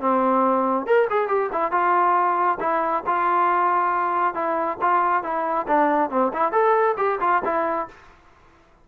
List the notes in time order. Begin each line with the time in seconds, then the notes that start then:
0.00 C4
0.86 A#4
1.10 G#4
1.28 G4
1.52 E4
1.71 F4
2.60 E4
3.06 F4
4.34 E4
4.81 F4
5.23 E4
5.67 D4
6.10 C4
6.33 E4
6.52 A4
6.97 G4
7.20 F4
7.44 E4